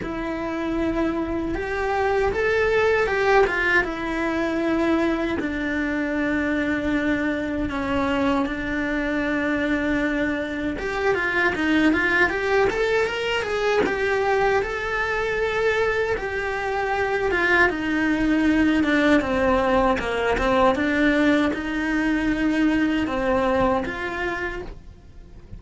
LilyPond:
\new Staff \with { instrumentName = "cello" } { \time 4/4 \tempo 4 = 78 e'2 g'4 a'4 | g'8 f'8 e'2 d'4~ | d'2 cis'4 d'4~ | d'2 g'8 f'8 dis'8 f'8 |
g'8 a'8 ais'8 gis'8 g'4 a'4~ | a'4 g'4. f'8 dis'4~ | dis'8 d'8 c'4 ais8 c'8 d'4 | dis'2 c'4 f'4 | }